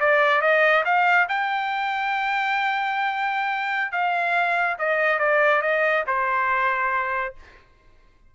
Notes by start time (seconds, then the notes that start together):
0.00 D5
0.42 D#5
0.85 F5
1.29 G5
3.92 F5
4.79 D#5
5.20 D5
5.62 D#5
6.07 C5